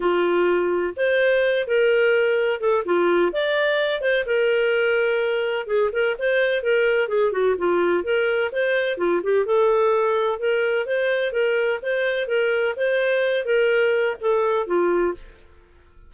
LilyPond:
\new Staff \with { instrumentName = "clarinet" } { \time 4/4 \tempo 4 = 127 f'2 c''4. ais'8~ | ais'4. a'8 f'4 d''4~ | d''8 c''8 ais'2. | gis'8 ais'8 c''4 ais'4 gis'8 fis'8 |
f'4 ais'4 c''4 f'8 g'8 | a'2 ais'4 c''4 | ais'4 c''4 ais'4 c''4~ | c''8 ais'4. a'4 f'4 | }